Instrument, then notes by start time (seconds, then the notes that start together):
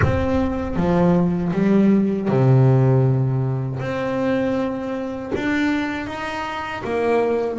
double bass
0.02 C4
0.76 F3
1.53 G3
2.28 C3
3.80 C4
5.35 D4
6.06 D#4
6.84 A#3